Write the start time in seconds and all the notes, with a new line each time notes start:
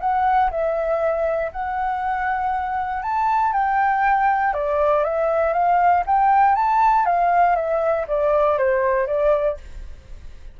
0.00 F#5
0.51 E5
1.52 F#5
3.03 A5
3.53 G5
4.53 D5
5.04 E5
5.53 F5
6.06 G5
6.55 A5
7.06 F5
7.56 E5
8.08 D5
8.58 C5
9.07 D5